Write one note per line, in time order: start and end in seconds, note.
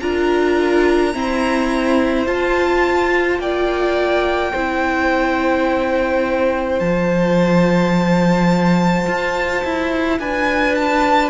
0.00 1.14 D4
0.00 1.13 F4
0.00 1.15 A#4
0.00 2.26 A#5
1.13 2.27 C4
1.13 2.27 E4
1.13 3.42 C5
2.27 3.39 F4
2.27 4.54 F4
2.27 3.40 A5
3.39 4.53 A#3
3.39 4.52 D5
3.39 6.80 G5
4.52 6.80 C4
4.52 6.81 E4
4.52 10.18 C5
6.80 9.07 F3
6.80 11.30 F4
6.80 10.19 A5
9.07 9.64 F4
9.64 10.20 E4
10.20 11.30 D4
10.20 11.30 B4
10.20 10.75 G#5
10.75 11.30 A5